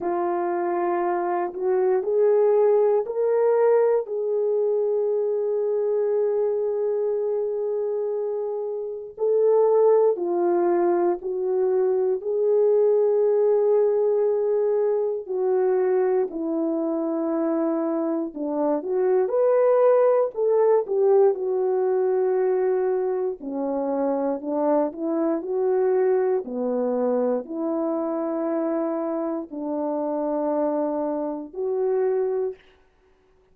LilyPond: \new Staff \with { instrumentName = "horn" } { \time 4/4 \tempo 4 = 59 f'4. fis'8 gis'4 ais'4 | gis'1~ | gis'4 a'4 f'4 fis'4 | gis'2. fis'4 |
e'2 d'8 fis'8 b'4 | a'8 g'8 fis'2 cis'4 | d'8 e'8 fis'4 b4 e'4~ | e'4 d'2 fis'4 | }